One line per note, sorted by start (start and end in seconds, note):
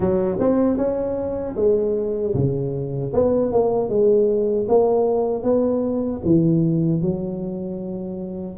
0.00 0.37 F#3
0.39 0.77 C4
0.77 1.55 C#4
1.56 2.34 G#3
2.34 3.12 C#3
3.13 3.51 B3
3.51 3.89 A#3
3.89 4.67 G#3
4.68 5.43 A#3
5.43 6.21 B3
6.24 7.01 E3
7.01 8.57 F#3